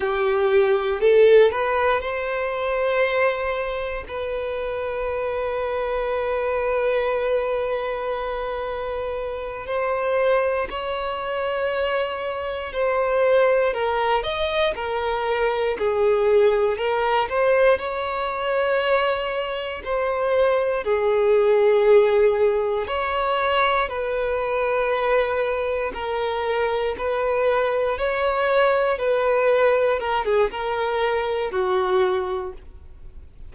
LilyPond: \new Staff \with { instrumentName = "violin" } { \time 4/4 \tempo 4 = 59 g'4 a'8 b'8 c''2 | b'1~ | b'4. c''4 cis''4.~ | cis''8 c''4 ais'8 dis''8 ais'4 gis'8~ |
gis'8 ais'8 c''8 cis''2 c''8~ | c''8 gis'2 cis''4 b'8~ | b'4. ais'4 b'4 cis''8~ | cis''8 b'4 ais'16 gis'16 ais'4 fis'4 | }